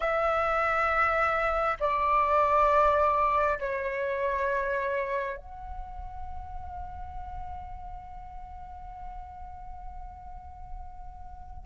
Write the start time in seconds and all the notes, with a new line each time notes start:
0.00 E5
1.80 D5
3.59 C#5
5.37 F#5